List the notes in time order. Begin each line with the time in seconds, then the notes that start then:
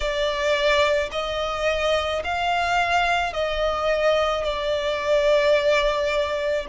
0.00 D5
1.11 D#5
2.24 F5
3.33 D#5
4.43 D5